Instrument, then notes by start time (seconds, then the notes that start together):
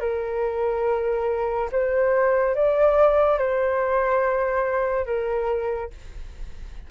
flute
0.00 A#4
1.72 C5
2.55 D5
3.38 C5
5.06 A#4